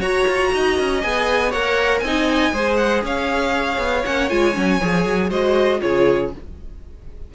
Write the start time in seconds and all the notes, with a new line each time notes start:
0.00 F#4 C#5 A#5
0.28 F4
0.54 D#4 D#5
0.80 C#4
1.02 B3 G#4 G#5
1.51 A#3 A#4 C#5 F#5
2.00 C4 D#4 D#5 G#5
2.52 G#3 G#4 C5
2.77 F#5
3.04 C#4 C#5 F5
3.78 B3
4.05 A#3 C#4 F#5
4.30 G#3 F4 G#5
4.54 F#3 C#4
4.81 F3 G#4
5.06 F#3
5.30 G#3 F#4 C5 D#5
5.81 C#3 F4 G#4 C#5